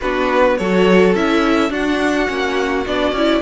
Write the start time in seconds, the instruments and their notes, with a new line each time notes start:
0.00 cello B3, viola D4, violin F#4 B4
0.57 cello F#3, viola F#4, violin A4 C#5
1.14 cello C#4, viola E4, violin E5
1.70 cello D4, viola D4, violin F#4 F#5
2.27 cello A#3, viola C#4
2.86 cello B3, viola D4, violin D5
3.12 cello C#4, viola E4